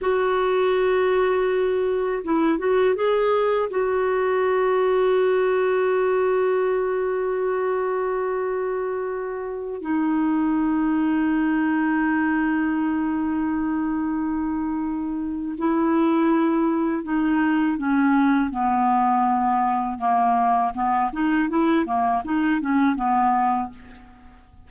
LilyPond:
\new Staff \with { instrumentName = "clarinet" } { \time 4/4 \tempo 4 = 81 fis'2. e'8 fis'8 | gis'4 fis'2.~ | fis'1~ | fis'4~ fis'16 dis'2~ dis'8.~ |
dis'1~ | dis'4 e'2 dis'4 | cis'4 b2 ais4 | b8 dis'8 e'8 ais8 dis'8 cis'8 b4 | }